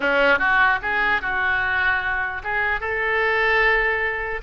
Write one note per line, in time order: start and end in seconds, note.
0.00 0.38 C#4
0.38 0.79 F#4
0.82 1.21 G#4
1.21 2.42 F#4
2.43 2.80 G#4
2.80 4.41 A4